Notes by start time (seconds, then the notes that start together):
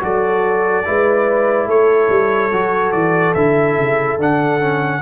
0.00 F#3 F#4 A4 D5
0.85 G#3 E4 B4
1.66 A3 A4 C#5
2.09 G3
2.52 F#3 F#4
2.92 E3 D5
3.34 D3 E4 E5
3.77 C#3
4.18 D3 D4 F#5
4.60 C#4